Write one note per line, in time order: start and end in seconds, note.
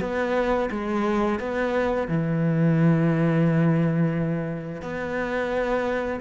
0.00 0.69 B3
0.70 1.39 G#3
1.39 2.08 B3
2.08 4.82 E3
4.82 6.20 B3